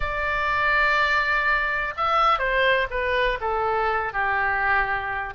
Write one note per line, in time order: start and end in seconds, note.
0.00 1.94 D5
1.96 2.38 E5
2.38 2.87 C5
2.90 3.38 B4
3.40 4.13 A4
4.13 5.34 G4